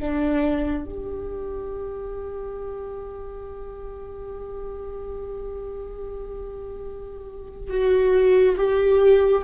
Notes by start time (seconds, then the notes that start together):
0.00 D4
0.86 G4
7.71 F#4
8.57 G4